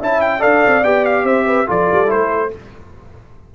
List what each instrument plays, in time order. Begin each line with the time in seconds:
0.00 tuba C#4, trombone E4, horn E5, trumpet A5
0.21 trumpet G5
0.39 tuba D4, trombone A4, horn D5, trumpet F5
0.66 tuba C4
0.84 tuba B3, trombone G4, trumpet G5
1.05 trumpet F5
1.23 tuba C4, horn C5, trumpet E5
1.46 horn B4
1.66 tuba F3, trombone F4, horn A4, trumpet D5
1.92 tuba G3
2.06 trombone E4, trumpet C5
2.12 tuba A3